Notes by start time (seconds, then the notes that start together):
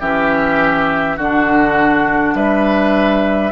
0.00 E3 C#4 G4 E5
1.17 D3 D4 F#4 F#5
2.34 G3 B4 E5